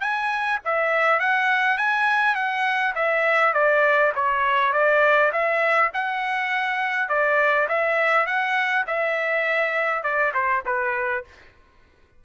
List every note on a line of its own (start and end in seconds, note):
0.00 0.59 G#5
0.64 1.20 E5
1.20 1.78 F#5
1.78 2.35 G#5
2.35 2.94 F#5
2.95 3.53 E5
3.53 4.12 D5
4.15 4.72 C#5
4.72 5.31 D5
5.32 5.91 E5
5.93 7.09 F#5
7.09 7.68 D5
7.68 8.26 E5
8.26 8.85 F#5
8.87 10.03 E5
10.03 10.32 D5
10.34 10.63 C5
10.65 11.24 B4